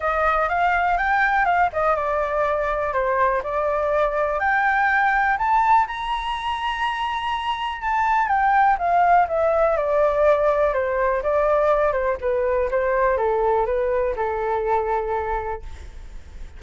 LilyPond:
\new Staff \with { instrumentName = "flute" } { \time 4/4 \tempo 4 = 123 dis''4 f''4 g''4 f''8 dis''8 | d''2 c''4 d''4~ | d''4 g''2 a''4 | ais''1 |
a''4 g''4 f''4 e''4 | d''2 c''4 d''4~ | d''8 c''8 b'4 c''4 a'4 | b'4 a'2. | }